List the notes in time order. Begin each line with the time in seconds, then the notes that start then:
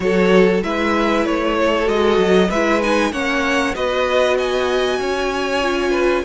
0.00 F#3 F#4 A4 C#5
0.62 G#3 E4 B4 E5
1.25 A3 C#5
1.59 A4
1.85 G#3 F#4 D#5
2.17 F#3
2.48 G#3 E4 B4 E5
2.82 D#4 G#5
3.12 A#3 C#4 C#5 F#5
3.74 B3 F#4 B4 D#5
4.36 D#5 G#5
4.99 C#4 C#5
5.62 F4
5.90 B4